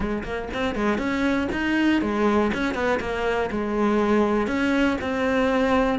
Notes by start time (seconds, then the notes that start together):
0.00 G#3
0.23 A#3
0.53 C4
0.75 G#3
0.98 C#4
1.52 D#4
2.01 G#3
2.53 C#4
2.74 B3
3.00 A#3
3.50 G#3
4.47 C#4
5.01 C4